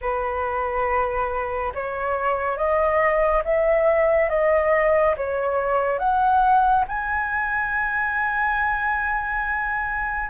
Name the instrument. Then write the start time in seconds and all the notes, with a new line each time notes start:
flute
0.01 B4
1.74 C#5
2.57 D#5
3.44 E5
4.29 D#5
5.17 C#5
5.98 F#5
6.88 G#5